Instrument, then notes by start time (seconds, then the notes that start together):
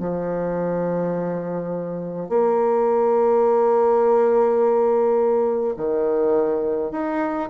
bassoon
0.00 F3
2.29 A#3
5.77 D#3
6.92 D#4